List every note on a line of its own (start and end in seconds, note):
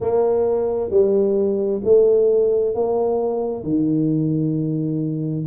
0.00 0.90 A#3
0.90 1.81 G3
1.84 2.74 A3
2.74 3.63 A#3
3.63 5.45 D#3